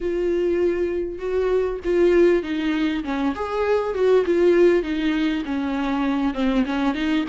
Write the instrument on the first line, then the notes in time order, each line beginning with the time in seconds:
viola
0.00 F4
1.18 F#4
1.84 F4
2.42 D#4
3.04 C#4
3.35 G#4
3.94 F#4
4.25 F4
4.82 D#4
5.45 C#4
6.34 C4
6.65 C#4
6.94 D#4